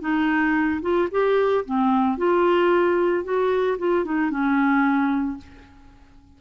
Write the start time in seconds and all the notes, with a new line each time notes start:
0.00 D#4
0.81 F4
1.11 G4
1.65 C4
2.17 F4
3.24 F#4
3.78 F4
4.04 D#4
4.30 C#4